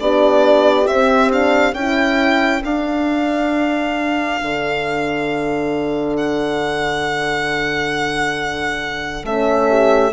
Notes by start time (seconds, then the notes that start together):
0.00 B3 D4 G4 D5
0.87 C4 E5
1.31 D4 F5
1.74 C#4 E4 A4 G5
2.63 D4 F5
4.42 D3
6.17 F#5
9.24 A3 C#4 E5
9.69 G4